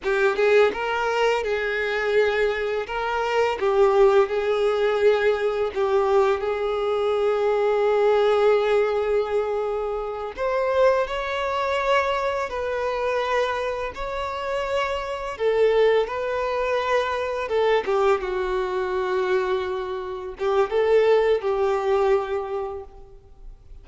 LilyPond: \new Staff \with { instrumentName = "violin" } { \time 4/4 \tempo 4 = 84 g'8 gis'8 ais'4 gis'2 | ais'4 g'4 gis'2 | g'4 gis'2.~ | gis'2~ gis'8 c''4 cis''8~ |
cis''4. b'2 cis''8~ | cis''4. a'4 b'4.~ | b'8 a'8 g'8 fis'2~ fis'8~ | fis'8 g'8 a'4 g'2 | }